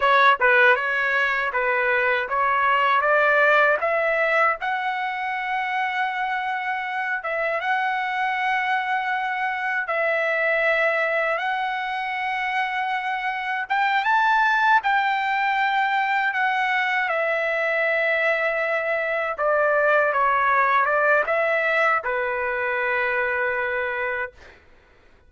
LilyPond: \new Staff \with { instrumentName = "trumpet" } { \time 4/4 \tempo 4 = 79 cis''8 b'8 cis''4 b'4 cis''4 | d''4 e''4 fis''2~ | fis''4. e''8 fis''2~ | fis''4 e''2 fis''4~ |
fis''2 g''8 a''4 g''8~ | g''4. fis''4 e''4.~ | e''4. d''4 cis''4 d''8 | e''4 b'2. | }